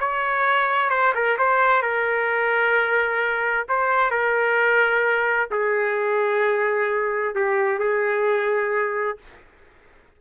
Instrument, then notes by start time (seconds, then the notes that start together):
trumpet
0.00 C#5
0.90 C5
1.15 A#4
1.39 C5
1.82 A#4
3.69 C5
4.11 A#4
5.51 G#4
7.35 G4
7.79 G#4